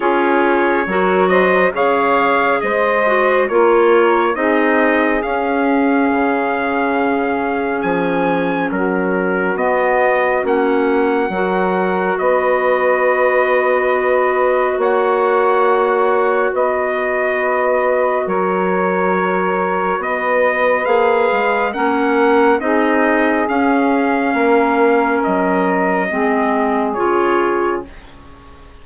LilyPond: <<
  \new Staff \with { instrumentName = "trumpet" } { \time 4/4 \tempo 4 = 69 cis''4. dis''8 f''4 dis''4 | cis''4 dis''4 f''2~ | f''4 gis''4 ais'4 dis''4 | fis''2 dis''2~ |
dis''4 fis''2 dis''4~ | dis''4 cis''2 dis''4 | f''4 fis''4 dis''4 f''4~ | f''4 dis''2 cis''4 | }
  \new Staff \with { instrumentName = "saxophone" } { \time 4/4 gis'4 ais'8 c''8 cis''4 c''4 | ais'4 gis'2.~ | gis'2 fis'2~ | fis'4 ais'4 b'2~ |
b'4 cis''2 b'4~ | b'4 ais'2 b'4~ | b'4 ais'4 gis'2 | ais'2 gis'2 | }
  \new Staff \with { instrumentName = "clarinet" } { \time 4/4 f'4 fis'4 gis'4. fis'8 | f'4 dis'4 cis'2~ | cis'2. b4 | cis'4 fis'2.~ |
fis'1~ | fis'1 | gis'4 cis'4 dis'4 cis'4~ | cis'2 c'4 f'4 | }
  \new Staff \with { instrumentName = "bassoon" } { \time 4/4 cis'4 fis4 cis4 gis4 | ais4 c'4 cis'4 cis4~ | cis4 f4 fis4 b4 | ais4 fis4 b2~ |
b4 ais2 b4~ | b4 fis2 b4 | ais8 gis8 ais4 c'4 cis'4 | ais4 fis4 gis4 cis4 | }
>>